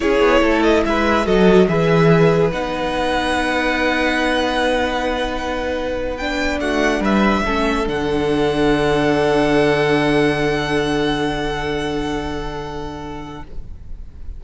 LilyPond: <<
  \new Staff \with { instrumentName = "violin" } { \time 4/4 \tempo 4 = 143 cis''4. dis''8 e''4 dis''4 | e''2 fis''2~ | fis''1~ | fis''2~ fis''8. g''4 fis''16~ |
fis''8. e''2 fis''4~ fis''16~ | fis''1~ | fis''1~ | fis''1 | }
  \new Staff \with { instrumentName = "violin" } { \time 4/4 gis'4 a'4 b'4 a'4 | b'1~ | b'1~ | b'2.~ b'8. fis'16~ |
fis'8. b'4 a'2~ a'16~ | a'1~ | a'1~ | a'1 | }
  \new Staff \with { instrumentName = "viola" } { \time 4/4 e'2. fis'4 | gis'2 dis'2~ | dis'1~ | dis'2~ dis'8. d'4~ d'16~ |
d'4.~ d'16 cis'4 d'4~ d'16~ | d'1~ | d'1~ | d'1 | }
  \new Staff \with { instrumentName = "cello" } { \time 4/4 cis'8 b8 a4 gis4 fis4 | e2 b2~ | b1~ | b2.~ b8. a16~ |
a8. g4 a4 d4~ d16~ | d1~ | d1~ | d1 | }
>>